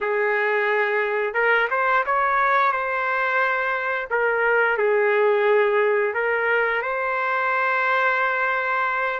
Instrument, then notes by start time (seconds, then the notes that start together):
trumpet
0.00 G#4
1.34 A#4
1.70 C5
2.05 C#5
2.72 C5
4.10 A#4
4.77 G#4
6.14 A#4
6.82 C5